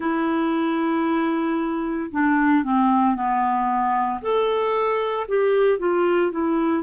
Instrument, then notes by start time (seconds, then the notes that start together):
clarinet
0.00 E4
2.11 D4
2.63 C4
3.15 B3
4.21 A4
5.27 G4
5.78 F4
6.32 E4